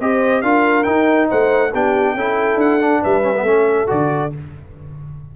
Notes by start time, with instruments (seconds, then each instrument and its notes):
0.00 tuba C4, trombone G4, horn C5, trumpet D#5
0.41 tuba D4, trombone F4, horn A#4, trumpet F5
0.83 trombone D#4, tuba D#4, trumpet G5
1.28 tuba A3, horn C5, trumpet F#5
1.72 tuba B3, trombone D4, horn G4, trumpet G5
2.14 tuba C#4, trombone E4, horn A4
2.55 tuba D4, trumpet F#5
2.80 trombone D4
3.02 tuba G3, horn B4, trumpet E5
3.22 trombone C#4
3.35 trombone B3
3.42 tuba A3, trombone C#4
3.49 horn A4
3.87 tuba D3, trombone F#4, trumpet D5